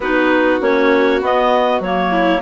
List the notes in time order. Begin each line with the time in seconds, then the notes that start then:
0.00 B3 D#4 F#4 B4
0.60 A#3 C#4 C#5
1.21 B3 D#5
1.80 F#3 A#3 C#5
2.10 E4